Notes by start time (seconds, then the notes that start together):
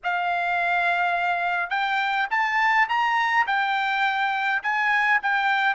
0.03 F5
1.69 G5
2.30 A5
2.88 A#5
3.46 G5
4.63 G#5
5.22 G5